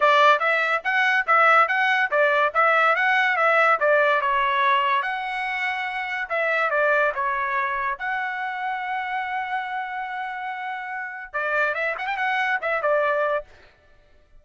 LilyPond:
\new Staff \with { instrumentName = "trumpet" } { \time 4/4 \tempo 4 = 143 d''4 e''4 fis''4 e''4 | fis''4 d''4 e''4 fis''4 | e''4 d''4 cis''2 | fis''2. e''4 |
d''4 cis''2 fis''4~ | fis''1~ | fis''2. d''4 | e''8 fis''16 g''16 fis''4 e''8 d''4. | }